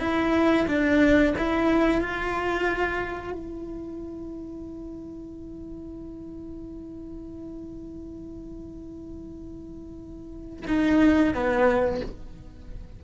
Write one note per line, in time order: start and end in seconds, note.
0.00 0.67 E4
0.68 1.34 D4
1.38 2.01 E4
2.01 3.32 F4
3.32 10.66 E4
10.68 11.34 D#4
11.35 12.01 B3